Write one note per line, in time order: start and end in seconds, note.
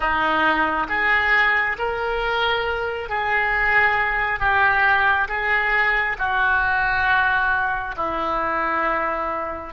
0.00 0.86 D#4
0.88 1.76 G#4
1.78 3.09 A#4
3.09 4.39 G#4
4.39 5.27 G4
5.28 6.16 G#4
6.18 7.95 F#4
7.97 9.73 E4